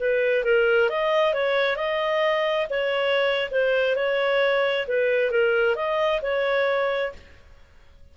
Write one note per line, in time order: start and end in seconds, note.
0.00 0.44 B4
0.44 0.89 A#4
0.89 1.34 D#5
1.34 1.76 C#5
1.76 2.67 D#5
2.70 3.49 C#5
3.51 3.96 C5
3.96 4.87 C#5
4.88 5.31 B4
5.31 5.75 A#4
5.75 6.21 D#5
6.22 7.13 C#5